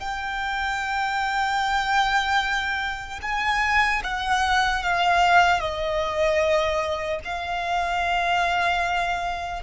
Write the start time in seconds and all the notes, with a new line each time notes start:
0.00 G5
3.22 G#5
4.03 F#5
4.83 F5
5.60 D#5
7.24 F5